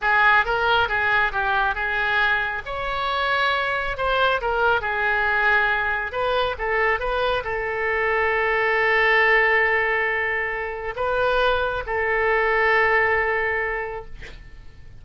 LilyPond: \new Staff \with { instrumentName = "oboe" } { \time 4/4 \tempo 4 = 137 gis'4 ais'4 gis'4 g'4 | gis'2 cis''2~ | cis''4 c''4 ais'4 gis'4~ | gis'2 b'4 a'4 |
b'4 a'2.~ | a'1~ | a'4 b'2 a'4~ | a'1 | }